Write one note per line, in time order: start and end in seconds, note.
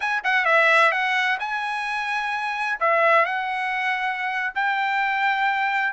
0.00 0.23 G#5
0.24 0.45 F#5
0.45 0.91 E5
0.91 1.38 F#5
1.39 2.79 G#5
2.80 3.25 E5
3.25 4.53 F#5
4.55 5.93 G5